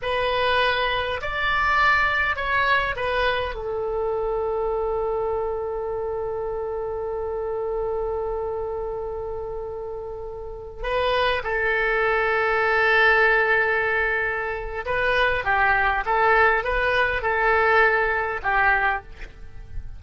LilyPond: \new Staff \with { instrumentName = "oboe" } { \time 4/4 \tempo 4 = 101 b'2 d''2 | cis''4 b'4 a'2~ | a'1~ | a'1~ |
a'2~ a'16 b'4 a'8.~ | a'1~ | a'4 b'4 g'4 a'4 | b'4 a'2 g'4 | }